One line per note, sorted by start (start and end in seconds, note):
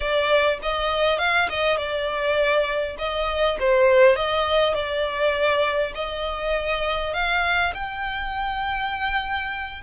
0.00 0.58 D5
0.62 1.18 D#5
1.18 1.48 F5
1.49 1.77 D#5
1.77 2.96 D5
2.98 3.57 D#5
3.59 4.16 C5
4.16 4.74 D#5
4.74 5.92 D5
5.94 7.13 D#5
7.13 7.73 F5
7.74 9.82 G5